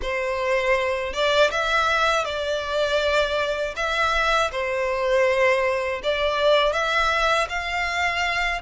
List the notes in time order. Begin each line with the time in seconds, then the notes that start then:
0.02 C5
1.12 D5
1.50 E5
2.24 D5
3.75 E5
4.51 C5
6.03 D5
6.72 E5
7.49 F5